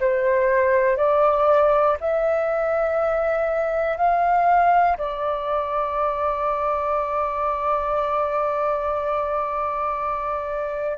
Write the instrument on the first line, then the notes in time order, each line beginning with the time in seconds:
flute
0.00 C5
0.97 D5
2.00 E5
3.97 F5
4.97 D5